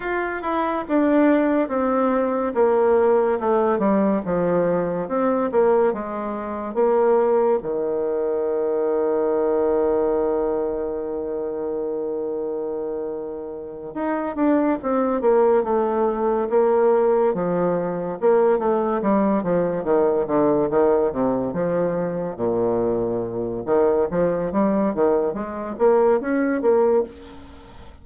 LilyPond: \new Staff \with { instrumentName = "bassoon" } { \time 4/4 \tempo 4 = 71 f'8 e'8 d'4 c'4 ais4 | a8 g8 f4 c'8 ais8 gis4 | ais4 dis2.~ | dis1~ |
dis8 dis'8 d'8 c'8 ais8 a4 ais8~ | ais8 f4 ais8 a8 g8 f8 dis8 | d8 dis8 c8 f4 ais,4. | dis8 f8 g8 dis8 gis8 ais8 cis'8 ais8 | }